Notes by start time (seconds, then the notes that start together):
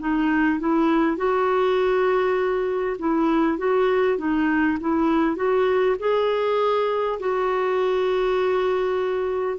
0.00 D#4
0.60 E4
1.17 F#4
2.99 E4
3.58 F#4
4.19 D#4
4.81 E4
5.37 F#4
5.99 G#4
7.20 F#4